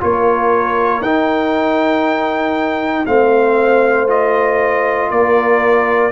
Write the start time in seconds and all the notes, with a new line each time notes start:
0.00 A#3 F4 A#4 C#5
1.01 D#4 G5
3.06 A3 C4 C5 F5
4.07 F4 D#5
5.10 A#3 A#4 D5